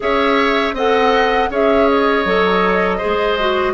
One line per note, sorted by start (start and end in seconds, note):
0.00 0.73 C#4
0.00 0.74 G#4
0.00 0.74 C#5
0.00 0.76 E5
0.73 1.48 C4
0.73 1.51 A4
0.73 1.49 D#5
0.73 1.51 F#5
1.50 2.25 C#4
1.50 2.26 G#4
1.50 2.97 C#5
1.50 1.89 E5
1.89 3.73 D#5
2.25 3.00 F#3
2.25 3.00 A4
2.97 3.38 G#4
2.97 3.72 C5
3.05 3.73 G#3
3.39 3.73 F#4